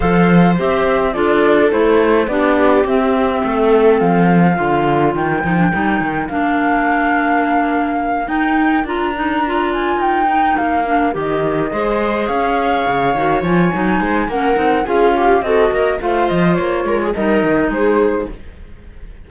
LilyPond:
<<
  \new Staff \with { instrumentName = "flute" } { \time 4/4 \tempo 4 = 105 f''4 e''4 d''4 c''4 | d''4 e''2 f''4~ | f''4 g''2 f''4~ | f''2~ f''8 g''4 ais''8~ |
ais''4 gis''8 g''4 f''4 dis''8~ | dis''4. f''2 gis''8~ | gis''4 fis''4 f''4 dis''4 | f''8 dis''8 cis''4 dis''4 c''4 | }
  \new Staff \with { instrumentName = "viola" } { \time 4/4 c''2 a'2 | g'2 a'2 | ais'1~ | ais'1~ |
ais'1~ | ais'8 c''4 cis''2~ cis''8~ | cis''8 c''8 ais'4 gis'8 g'8 a'8 ais'8 | c''4. ais'16 gis'16 ais'4 gis'4 | }
  \new Staff \with { instrumentName = "clarinet" } { \time 4/4 a'4 g'4 f'4 e'4 | d'4 c'2. | f'4. dis'16 d'16 dis'4 d'4~ | d'2~ d'8 dis'4 f'8 |
dis'8 f'4. dis'4 d'8 g'8~ | g'8 gis'2~ gis'8 fis'8 f'8 | dis'4 cis'8 dis'8 f'4 fis'4 | f'2 dis'2 | }
  \new Staff \with { instrumentName = "cello" } { \time 4/4 f4 c'4 d'4 a4 | b4 c'4 a4 f4 | d4 dis8 f8 g8 dis8 ais4~ | ais2~ ais8 dis'4 d'8~ |
d'4. dis'4 ais4 dis8~ | dis8 gis4 cis'4 cis8 dis8 f8 | fis8 gis8 ais8 c'8 cis'4 c'8 ais8 | a8 f8 ais8 gis8 g8 dis8 gis4 | }
>>